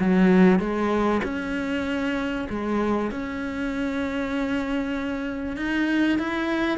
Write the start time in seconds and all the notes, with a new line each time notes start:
0.00 F#3
0.60 G#3
1.24 C#4
2.49 G#3
3.11 C#4
5.57 D#4
6.19 E4